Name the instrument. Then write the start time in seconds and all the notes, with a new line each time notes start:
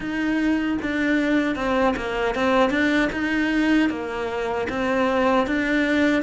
cello
0.00 D#4
0.81 D4
1.55 C4
1.96 A#3
2.34 C4
2.70 D4
3.12 D#4
3.89 A#3
4.69 C4
5.47 D4